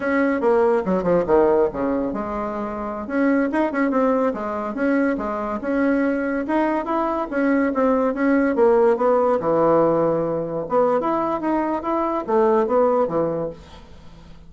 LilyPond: \new Staff \with { instrumentName = "bassoon" } { \time 4/4 \tempo 4 = 142 cis'4 ais4 fis8 f8 dis4 | cis4 gis2~ gis16 cis'8.~ | cis'16 dis'8 cis'8 c'4 gis4 cis'8.~ | cis'16 gis4 cis'2 dis'8.~ |
dis'16 e'4 cis'4 c'4 cis'8.~ | cis'16 ais4 b4 e4.~ e16~ | e4~ e16 b8. e'4 dis'4 | e'4 a4 b4 e4 | }